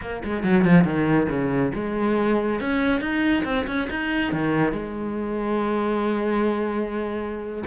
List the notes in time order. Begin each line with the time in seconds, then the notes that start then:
0.01 A#3
0.24 G#3
0.43 F#3
0.64 F3
0.84 D#3
1.29 C#3
1.74 G#3
2.60 C#4
3.00 D#4
3.44 C4
3.66 C#4
3.89 D#4
4.32 D#3
4.72 G#3